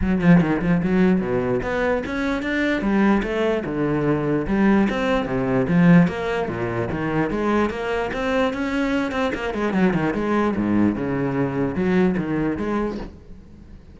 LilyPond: \new Staff \with { instrumentName = "cello" } { \time 4/4 \tempo 4 = 148 fis8 f8 dis8 f8 fis4 b,4 | b4 cis'4 d'4 g4 | a4 d2 g4 | c'4 c4 f4 ais4 |
ais,4 dis4 gis4 ais4 | c'4 cis'4. c'8 ais8 gis8 | fis8 dis8 gis4 gis,4 cis4~ | cis4 fis4 dis4 gis4 | }